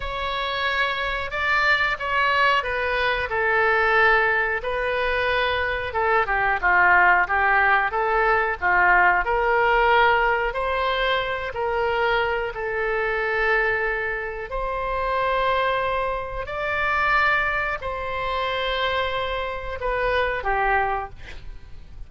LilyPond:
\new Staff \with { instrumentName = "oboe" } { \time 4/4 \tempo 4 = 91 cis''2 d''4 cis''4 | b'4 a'2 b'4~ | b'4 a'8 g'8 f'4 g'4 | a'4 f'4 ais'2 |
c''4. ais'4. a'4~ | a'2 c''2~ | c''4 d''2 c''4~ | c''2 b'4 g'4 | }